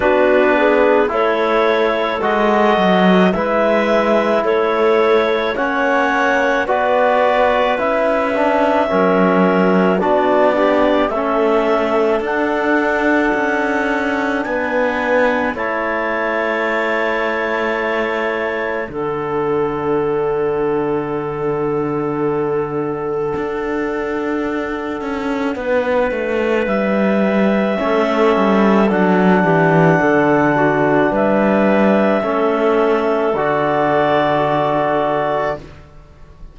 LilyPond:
<<
  \new Staff \with { instrumentName = "clarinet" } { \time 4/4 \tempo 4 = 54 b'4 cis''4 dis''4 e''4 | cis''4 fis''4 d''4 e''4~ | e''4 d''4 e''4 fis''4~ | fis''4 gis''4 a''2~ |
a''4 fis''2.~ | fis''1 | e''2 fis''2 | e''2 d''2 | }
  \new Staff \with { instrumentName = "clarinet" } { \time 4/4 fis'8 gis'8 a'2 b'4 | a'4 cis''4 b'2 | ais'4 fis'8 d'8 a'2~ | a'4 b'4 cis''2~ |
cis''4 a'2.~ | a'2. b'4~ | b'4 a'4. g'8 a'8 fis'8 | b'4 a'2. | }
  \new Staff \with { instrumentName = "trombone" } { \time 4/4 d'4 e'4 fis'4 e'4~ | e'4 cis'4 fis'4 e'8 d'8 | cis'4 d'8 g'8 cis'4 d'4~ | d'2 e'2~ |
e'4 d'2.~ | d'1~ | d'4 cis'4 d'2~ | d'4 cis'4 fis'2 | }
  \new Staff \with { instrumentName = "cello" } { \time 4/4 b4 a4 gis8 fis8 gis4 | a4 ais4 b4 cis'4 | fis4 b4 a4 d'4 | cis'4 b4 a2~ |
a4 d2.~ | d4 d'4. cis'8 b8 a8 | g4 a8 g8 fis8 e8 d4 | g4 a4 d2 | }
>>